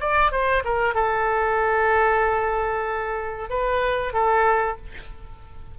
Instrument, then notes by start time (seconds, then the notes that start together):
oboe
0.00 D5
0.32 C5
0.64 A#4
0.94 A4
3.50 B4
4.13 A4